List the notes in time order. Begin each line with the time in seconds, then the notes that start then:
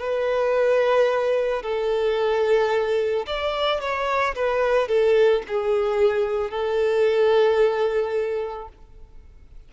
0.00 B4
1.63 A4
3.27 D5
3.81 C#5
4.36 B4
4.88 A4
5.48 G#4
6.51 A4